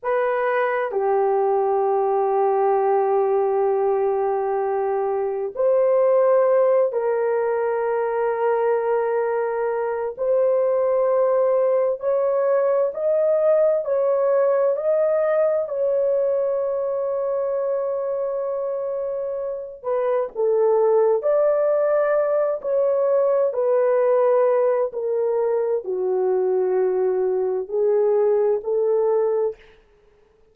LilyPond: \new Staff \with { instrumentName = "horn" } { \time 4/4 \tempo 4 = 65 b'4 g'2.~ | g'2 c''4. ais'8~ | ais'2. c''4~ | c''4 cis''4 dis''4 cis''4 |
dis''4 cis''2.~ | cis''4. b'8 a'4 d''4~ | d''8 cis''4 b'4. ais'4 | fis'2 gis'4 a'4 | }